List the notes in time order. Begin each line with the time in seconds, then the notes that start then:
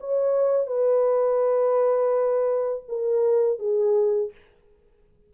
0.00 C#5
0.67 B4
2.88 A#4
3.59 G#4